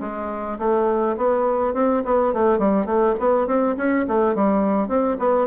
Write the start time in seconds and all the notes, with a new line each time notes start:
0.00 G#3
0.58 A3
1.16 B3
1.74 C4
2.05 B3
2.33 A3
2.58 G3
2.85 A3
3.19 B3
3.47 C4
3.77 C#4
4.07 A3
4.35 G3
4.88 C4
5.19 B3